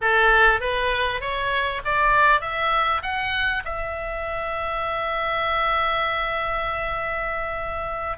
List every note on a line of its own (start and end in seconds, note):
0.01 0.60 A4
0.60 1.21 B4
1.21 1.81 C#5
1.84 2.40 D5
2.40 3.01 E5
3.02 3.63 F#5
3.64 8.17 E5